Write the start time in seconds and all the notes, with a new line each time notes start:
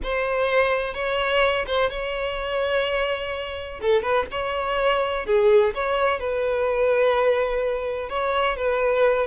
0.03 C5
0.94 C#5
1.67 C5
1.90 C#5
3.81 A4
4.02 B4
4.31 C#5
5.26 G#4
5.74 C#5
6.19 B4
8.09 C#5
8.56 B4